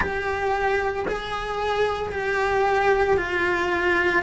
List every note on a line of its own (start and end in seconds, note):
0.00 1.05 G4
1.08 2.11 G#4
2.11 3.17 G4
3.17 4.22 F4